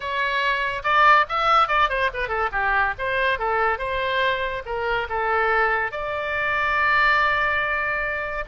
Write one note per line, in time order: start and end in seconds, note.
0.00 0.82 C#5
0.83 1.25 D5
1.28 1.67 E5
1.67 1.89 D5
1.89 2.10 C5
2.13 2.28 B4
2.28 2.49 A4
2.51 2.94 G4
2.98 3.38 C5
3.38 3.78 A4
3.78 4.62 C5
4.65 5.07 A#4
5.09 5.91 A4
5.91 8.44 D5